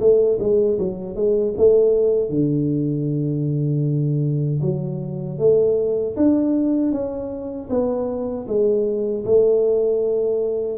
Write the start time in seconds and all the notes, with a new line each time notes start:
0.00 A3
0.40 G#3
0.79 F#3
1.16 G#3
1.57 A3
2.30 D3
4.62 F#3
5.38 A3
6.16 D4
6.92 C#4
7.70 B3
8.48 G#3
9.25 A3